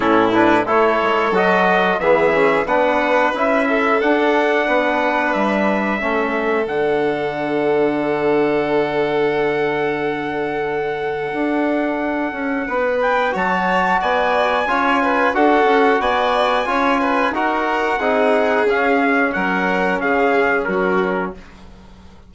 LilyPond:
<<
  \new Staff \with { instrumentName = "trumpet" } { \time 4/4 \tempo 4 = 90 a'8 b'8 cis''4 dis''4 e''4 | fis''4 e''4 fis''2 | e''2 fis''2~ | fis''1~ |
fis''2.~ fis''8 g''8 | a''4 gis''2 fis''4 | gis''2 fis''2 | f''4 fis''4 f''4 ais'4 | }
  \new Staff \with { instrumentName = "violin" } { \time 4/4 e'4 a'2 gis'4 | b'4. a'4. b'4~ | b'4 a'2.~ | a'1~ |
a'2. b'4 | cis''4 d''4 cis''8 b'8 a'4 | d''4 cis''8 b'8 ais'4 gis'4~ | gis'4 ais'4 gis'4 fis'4 | }
  \new Staff \with { instrumentName = "trombone" } { \time 4/4 cis'8 d'8 e'4 fis'4 b8 cis'8 | d'4 e'4 d'2~ | d'4 cis'4 d'2~ | d'1~ |
d'1 | fis'2 f'4 fis'4~ | fis'4 f'4 fis'4 dis'4 | cis'1 | }
  \new Staff \with { instrumentName = "bassoon" } { \time 4/4 a,4 a8 gis8 fis4 e4 | b4 cis'4 d'4 b4 | g4 a4 d2~ | d1~ |
d4 d'4. cis'8 b4 | fis4 b4 cis'4 d'8 cis'8 | b4 cis'4 dis'4 c'4 | cis'4 fis4 cis4 fis4 | }
>>